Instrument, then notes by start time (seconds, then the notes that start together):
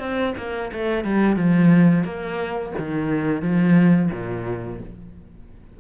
cello
0.00 C4
0.38 A#3
0.73 A3
1.05 G3
1.37 F3
2.05 A#3
2.79 D#3
3.42 F3
4.12 A#2